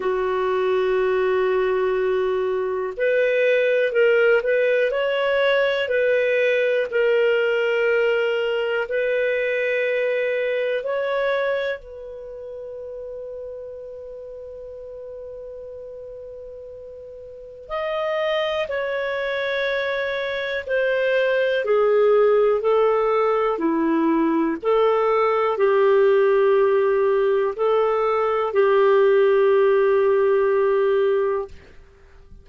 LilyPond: \new Staff \with { instrumentName = "clarinet" } { \time 4/4 \tempo 4 = 61 fis'2. b'4 | ais'8 b'8 cis''4 b'4 ais'4~ | ais'4 b'2 cis''4 | b'1~ |
b'2 dis''4 cis''4~ | cis''4 c''4 gis'4 a'4 | e'4 a'4 g'2 | a'4 g'2. | }